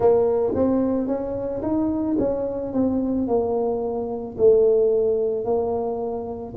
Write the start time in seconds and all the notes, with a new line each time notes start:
0.00 A#3
0.55 C4
1.07 C#4
1.62 D#4
2.18 C#4
2.73 C4
3.27 A#3
4.37 A3
5.44 A#3